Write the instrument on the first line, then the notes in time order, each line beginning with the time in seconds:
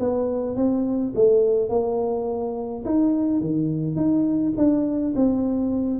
tuba
0.00 B3
0.56 C4
1.16 A3
1.70 A#3
2.85 D#4
3.41 D#3
3.96 D#4
4.58 D4
5.16 C4